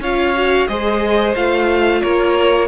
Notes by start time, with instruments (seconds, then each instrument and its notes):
0.00 cello C#4, viola F4, violin C#5 F5
0.35 viola F#4
0.67 cello G#3, viola G#4, violin C5 D#5
1.35 cello A3, viola F4, violin F5
2.01 cello A#3, violin A#4 C#5